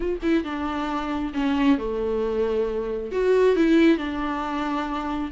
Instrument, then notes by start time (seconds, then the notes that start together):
viola
0.00 F4
0.22 E4
0.43 D4
1.33 C#4
1.78 A3
3.11 F#4
3.56 E4
3.97 D4